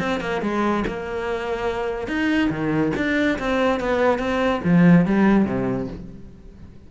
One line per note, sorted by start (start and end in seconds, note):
0.00 0.21 C4
0.21 0.42 A#3
0.42 0.84 G#3
0.88 2.08 A#3
2.08 2.50 D#4
2.50 2.93 D#3
2.97 3.39 D4
3.39 3.80 C4
3.80 4.19 B3
4.19 4.61 C4
4.64 5.06 F3
5.06 5.45 G3
5.45 5.88 C3